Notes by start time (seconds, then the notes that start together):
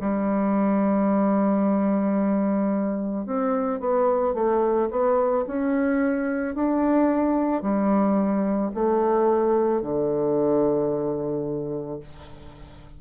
0.00 G3
3.26 C4
3.80 B3
4.34 A3
4.90 B3
5.47 C#4
6.55 D4
7.62 G3
8.74 A3
9.81 D3